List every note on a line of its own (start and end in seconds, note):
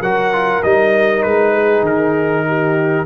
0.00 0.62 F#3
0.00 0.32 F#4
0.00 1.52 A#4
0.00 0.62 F#5
0.32 0.63 F4
0.62 1.24 G3
0.62 3.06 D#4
0.62 1.22 D#5
1.22 1.82 G#3
1.22 1.84 B4
1.52 2.44 G#4
1.82 3.05 D#3
1.82 3.06 A#4
2.47 3.06 G4